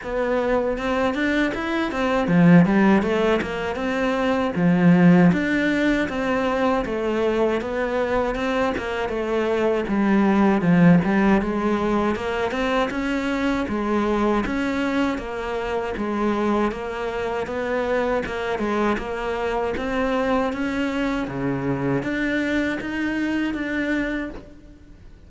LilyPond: \new Staff \with { instrumentName = "cello" } { \time 4/4 \tempo 4 = 79 b4 c'8 d'8 e'8 c'8 f8 g8 | a8 ais8 c'4 f4 d'4 | c'4 a4 b4 c'8 ais8 | a4 g4 f8 g8 gis4 |
ais8 c'8 cis'4 gis4 cis'4 | ais4 gis4 ais4 b4 | ais8 gis8 ais4 c'4 cis'4 | cis4 d'4 dis'4 d'4 | }